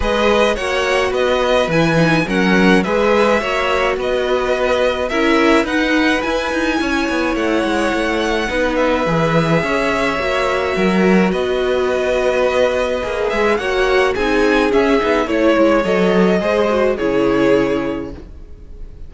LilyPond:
<<
  \new Staff \with { instrumentName = "violin" } { \time 4/4 \tempo 4 = 106 dis''4 fis''4 dis''4 gis''4 | fis''4 e''2 dis''4~ | dis''4 e''4 fis''4 gis''4~ | gis''4 fis''2~ fis''8 e''8~ |
e''1 | dis''2.~ dis''8 e''8 | fis''4 gis''4 e''4 cis''4 | dis''2 cis''2 | }
  \new Staff \with { instrumentName = "violin" } { \time 4/4 b'4 cis''4 b'2 | ais'4 b'4 cis''4 b'4~ | b'4 ais'4 b'2 | cis''2. b'4~ |
b'4 cis''2 ais'4 | b'1 | cis''4 gis'2 cis''4~ | cis''4 c''4 gis'2 | }
  \new Staff \with { instrumentName = "viola" } { \time 4/4 gis'4 fis'2 e'8 dis'8 | cis'4 gis'4 fis'2~ | fis'4 e'4 dis'4 e'4~ | e'2. dis'4 |
gis'2 fis'2~ | fis'2. gis'4 | fis'4 dis'4 cis'8 dis'8 e'4 | a'4 gis'8 fis'8 e'2 | }
  \new Staff \with { instrumentName = "cello" } { \time 4/4 gis4 ais4 b4 e4 | fis4 gis4 ais4 b4~ | b4 cis'4 dis'4 e'8 dis'8 | cis'8 b8 a8 gis8 a4 b4 |
e4 cis'4 ais4 fis4 | b2. ais8 gis8 | ais4 c'4 cis'8 b8 a8 gis8 | fis4 gis4 cis2 | }
>>